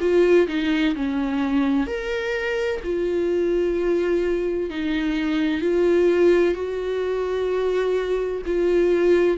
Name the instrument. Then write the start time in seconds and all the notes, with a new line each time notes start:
viola
0.00 F4
0.47 D#4
0.95 C#4
1.86 A#4
2.83 F4
4.70 D#4
5.61 F4
6.54 F#4
8.46 F4